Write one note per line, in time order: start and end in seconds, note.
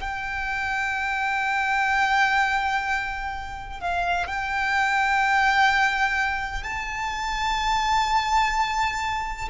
0.00 3.80 G5
3.80 4.27 F5
4.27 6.63 G5
6.63 9.49 A5